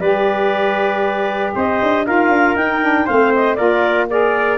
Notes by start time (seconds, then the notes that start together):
0.00 G3 G4 B4 D5
1.55 C4 C5 D#5
1.83 D4
2.06 D#4 F4 A#4 F5
2.29 D4
2.55 D#4 G5
2.82 D4
3.06 A3 C4 C5 F5
3.35 D#5
3.55 A#3 F4 A#4 D5
4.09 G#4 A#4 D5